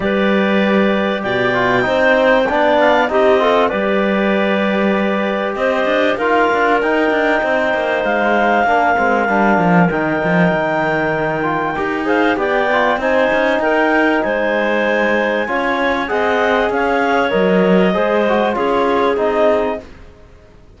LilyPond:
<<
  \new Staff \with { instrumentName = "clarinet" } { \time 4/4 \tempo 4 = 97 d''2 g''2~ | g''8 f''8 dis''4 d''2~ | d''4 dis''4 f''4 g''4~ | g''4 f''2. |
g''2.~ g''8 f''8 | g''4 gis''4 g''4 gis''4~ | gis''2 fis''4 f''4 | dis''2 cis''4 dis''4 | }
  \new Staff \with { instrumentName = "clarinet" } { \time 4/4 b'2 d''4 c''4 | d''4 g'8 a'8 b'2~ | b'4 c''4 ais'2 | c''2 ais'2~ |
ais'2.~ ais'8 c''8 | d''4 c''4 ais'4 c''4~ | c''4 cis''4 dis''4 cis''4~ | cis''4 c''4 gis'2 | }
  \new Staff \with { instrumentName = "trombone" } { \time 4/4 g'2~ g'8 f'8 dis'4 | d'4 dis'8 f'8 g'2~ | g'2 f'4 dis'4~ | dis'2 d'8 c'8 d'4 |
dis'2~ dis'8 f'8 g'8 gis'8 | g'8 f'8 dis'2.~ | dis'4 f'4 gis'2 | ais'4 gis'8 fis'8 f'4 dis'4 | }
  \new Staff \with { instrumentName = "cello" } { \time 4/4 g2 b,4 c'4 | b4 c'4 g2~ | g4 c'8 d'8 dis'8 d'8 dis'8 d'8 | c'8 ais8 gis4 ais8 gis8 g8 f8 |
dis8 f8 dis2 dis'4 | b4 c'8 cis'8 dis'4 gis4~ | gis4 cis'4 c'4 cis'4 | fis4 gis4 cis'4 c'4 | }
>>